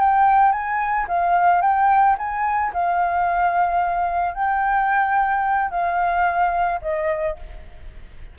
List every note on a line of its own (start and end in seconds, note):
0.00 0.52 G5
0.52 1.07 G#5
1.08 1.62 F5
1.62 2.17 G5
2.18 2.73 G#5
2.73 4.35 F5
4.35 5.71 G5
5.71 6.80 F5
6.82 7.37 D#5